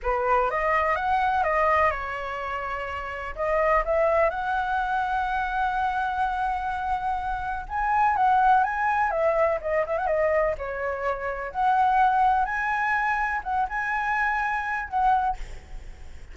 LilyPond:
\new Staff \with { instrumentName = "flute" } { \time 4/4 \tempo 4 = 125 b'4 dis''4 fis''4 dis''4 | cis''2. dis''4 | e''4 fis''2.~ | fis''1 |
gis''4 fis''4 gis''4 e''4 | dis''8 e''16 fis''16 dis''4 cis''2 | fis''2 gis''2 | fis''8 gis''2~ gis''8 fis''4 | }